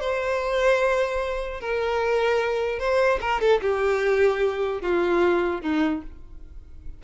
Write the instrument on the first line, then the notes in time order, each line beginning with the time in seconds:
violin
0.00 C5
1.60 A#4
2.79 C5
3.21 A#4
3.41 A4
3.61 G4
4.82 F4
5.62 D#4